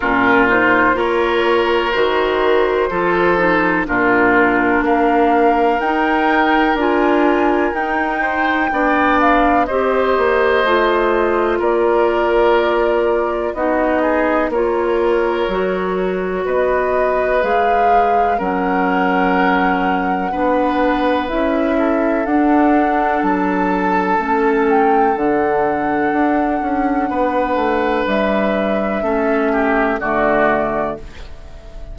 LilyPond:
<<
  \new Staff \with { instrumentName = "flute" } { \time 4/4 \tempo 4 = 62 ais'8 c''8 cis''4 c''2 | ais'4 f''4 g''4 gis''4 | g''4. f''8 dis''2 | d''2 dis''4 cis''4~ |
cis''4 dis''4 f''4 fis''4~ | fis''2 e''4 fis''4 | a''4. g''8 fis''2~ | fis''4 e''2 d''4 | }
  \new Staff \with { instrumentName = "oboe" } { \time 4/4 f'4 ais'2 a'4 | f'4 ais'2.~ | ais'8 c''8 d''4 c''2 | ais'2 fis'8 gis'8 ais'4~ |
ais'4 b'2 ais'4~ | ais'4 b'4. a'4.~ | a'1 | b'2 a'8 g'8 fis'4 | }
  \new Staff \with { instrumentName = "clarinet" } { \time 4/4 cis'8 dis'8 f'4 fis'4 f'8 dis'8 | d'2 dis'4 f'4 | dis'4 d'4 g'4 f'4~ | f'2 dis'4 f'4 |
fis'2 gis'4 cis'4~ | cis'4 d'4 e'4 d'4~ | d'4 cis'4 d'2~ | d'2 cis'4 a4 | }
  \new Staff \with { instrumentName = "bassoon" } { \time 4/4 ais,4 ais4 dis4 f4 | ais,4 ais4 dis'4 d'4 | dis'4 b4 c'8 ais8 a4 | ais2 b4 ais4 |
fis4 b4 gis4 fis4~ | fis4 b4 cis'4 d'4 | fis4 a4 d4 d'8 cis'8 | b8 a8 g4 a4 d4 | }
>>